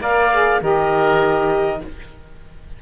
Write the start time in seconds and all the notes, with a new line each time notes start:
0.00 A#3 A#4 D5 F5
0.32 G#4
0.61 D#3 G4 A#4 D#5